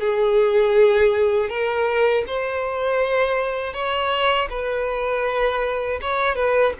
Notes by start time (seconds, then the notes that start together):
0.00 G#4
1.49 A#4
2.27 C5
3.73 C#5
4.50 B4
6.01 C#5
6.35 B4